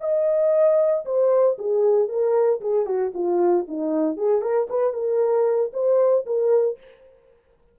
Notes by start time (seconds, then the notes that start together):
0.00 D#5
1.05 C5
1.58 G#4
2.08 A#4
2.60 G#4
2.86 F#4
3.14 F4
3.68 D#4
4.16 G#4
4.41 A#4
4.69 B4
4.93 A#4
5.73 C5
6.26 A#4